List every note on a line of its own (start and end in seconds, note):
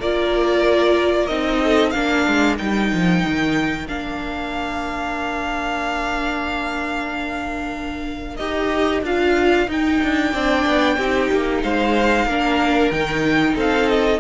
0.00 1.30 A#3
0.00 1.29 F4
0.00 1.61 A#4
0.00 1.27 D5
1.27 1.94 C4
1.27 1.94 D#4
1.27 1.91 D#5
1.64 1.95 A4
1.91 2.27 A#3
1.91 2.58 D4
1.91 10.32 A#4
1.91 2.56 F5
2.28 2.60 G#3
2.58 2.93 G3
2.58 3.87 D#4
2.58 3.87 G5
2.93 3.26 F3
3.26 3.88 D#3
3.88 8.39 A#3
3.88 8.40 D4
3.88 8.37 F5
8.37 9.03 D#4
8.37 9.04 G4
8.37 9.01 D#5
9.03 9.67 D4
9.03 9.68 F4
9.03 9.70 F5
9.68 10.33 D#4
9.68 10.01 D#4
9.68 11.63 G5
10.03 10.34 D4
10.32 10.66 C4
10.32 10.99 D4
10.32 10.97 D5
10.67 10.98 B3
10.98 11.30 C4
10.98 12.30 D#4
10.98 11.62 G4
11.32 11.63 A#3
11.63 12.26 G#3
11.63 12.26 C5
11.63 12.92 F5
12.26 12.91 A#3
12.26 12.93 D4
12.26 13.55 A#4
12.92 13.56 D#3
12.92 14.20 D#4
12.92 13.56 G5
13.56 14.20 C4
13.56 14.20 A4
13.56 13.89 F5
13.89 14.20 D#5